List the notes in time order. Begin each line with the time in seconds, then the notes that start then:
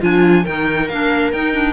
0.00 F3 D4 F4 G#5
0.43 D#3 D#4 A#4 G5
0.88 A#3 D4 F5
1.32 D#4 G5
1.53 D4